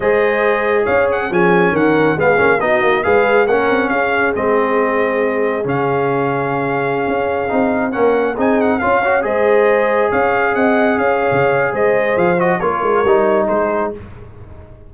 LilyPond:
<<
  \new Staff \with { instrumentName = "trumpet" } { \time 4/4 \tempo 4 = 138 dis''2 f''8 fis''8 gis''4 | fis''4 f''4 dis''4 f''4 | fis''4 f''4 dis''2~ | dis''4 f''2.~ |
f''2~ f''16 fis''4 gis''8 fis''16~ | fis''16 f''4 dis''2 f''8.~ | f''16 fis''4 f''4.~ f''16 dis''4 | f''8 dis''8 cis''2 c''4 | }
  \new Staff \with { instrumentName = "horn" } { \time 4/4 c''2 cis''4 gis'4 | ais'4 gis'4 fis'4 b'4 | ais'4 gis'2.~ | gis'1~ |
gis'2~ gis'16 ais'4 gis'8.~ | gis'16 cis''4 c''2 cis''8.~ | cis''16 dis''4 cis''4.~ cis''16 c''4~ | c''4 ais'2 gis'4 | }
  \new Staff \with { instrumentName = "trombone" } { \time 4/4 gis'2. cis'4~ | cis'4 b8 cis'8 dis'4 gis'4 | cis'2 c'2~ | c'4 cis'2.~ |
cis'4~ cis'16 dis'4 cis'4 dis'8.~ | dis'16 f'8 fis'8 gis'2~ gis'8.~ | gis'1~ | gis'8 fis'8 f'4 dis'2 | }
  \new Staff \with { instrumentName = "tuba" } { \time 4/4 gis2 cis'4 f4 | dis4 gis8 ais8 b8 ais8 gis4 | ais8 c'8 cis'4 gis2~ | gis4 cis2.~ |
cis16 cis'4 c'4 ais4 c'8.~ | c'16 cis'4 gis2 cis'8.~ | cis'16 c'4 cis'8. cis4 gis4 | f4 ais8 gis8 g4 gis4 | }
>>